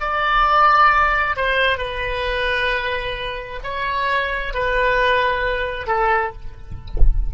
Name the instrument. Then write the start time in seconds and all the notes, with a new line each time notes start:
oboe
0.00 D5
1.36 C5
1.78 B4
3.63 C#5
4.54 B4
5.87 A4